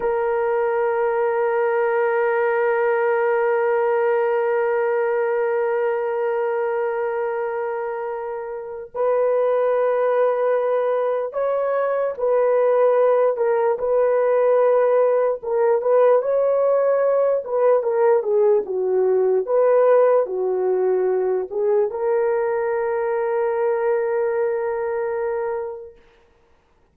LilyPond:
\new Staff \with { instrumentName = "horn" } { \time 4/4 \tempo 4 = 74 ais'1~ | ais'1~ | ais'2. b'4~ | b'2 cis''4 b'4~ |
b'8 ais'8 b'2 ais'8 b'8 | cis''4. b'8 ais'8 gis'8 fis'4 | b'4 fis'4. gis'8 ais'4~ | ais'1 | }